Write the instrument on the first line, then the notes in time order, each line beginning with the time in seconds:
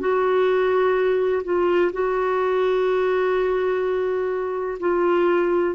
clarinet
0.00 F#4
1.44 F4
1.93 F#4
4.80 F4